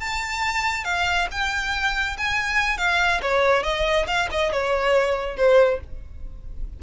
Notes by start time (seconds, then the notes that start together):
0.00 A5
0.84 F5
1.31 G5
2.17 G#5
2.77 F5
3.22 C#5
3.63 D#5
4.07 F5
4.31 D#5
4.52 C#5
5.37 C5